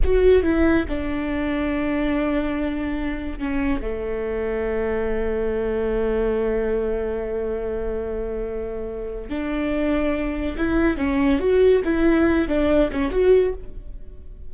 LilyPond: \new Staff \with { instrumentName = "viola" } { \time 4/4 \tempo 4 = 142 fis'4 e'4 d'2~ | d'1 | cis'4 a2.~ | a1~ |
a1~ | a2 d'2~ | d'4 e'4 cis'4 fis'4 | e'4. d'4 cis'8 fis'4 | }